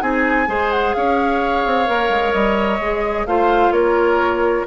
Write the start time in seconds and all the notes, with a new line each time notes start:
0.00 C4 D#4 G#4 G#5
0.47 G#3 G#4 C5
0.71 F#5
0.94 C#4 C#5 F5
1.66 C4
1.86 A#3 A#4
2.10 G#3
2.33 G3 D#5
2.80 G#3 G#4
3.26 A3 F4 C5 F5
3.71 A#3 A#4 C#5